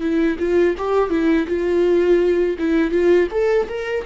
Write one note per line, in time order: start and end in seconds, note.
0.00 0.37 E4
0.39 0.75 F4
0.77 1.10 G4
1.10 1.46 E4
1.47 2.57 F4
2.58 2.91 E4
2.91 3.28 F4
3.31 3.67 A4
3.68 4.05 A#4